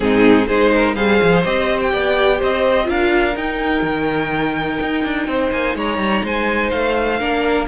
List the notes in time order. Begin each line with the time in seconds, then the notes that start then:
0.00 G#2 C4 D#4 G#4
0.46 G#3 D#4 G#4 C5
0.75 A#4
0.95 G3 G#4 C5 F5
1.22 F3
1.44 C4 G4 D#5
1.80 G5
1.92 B3 D5
2.38 C4 C5 D#5
2.84 D4 F4 A#4 F5
3.35 D#4 G5
3.82 D#3
4.81 D#4
5.04 D4
5.27 C4 C5
5.51 A#3 G#5
5.75 G#3 C#5 A#5
5.97 G3
6.23 G#3 C5 G#5
6.70 A3 F5
7.19 A#3 D4 A#4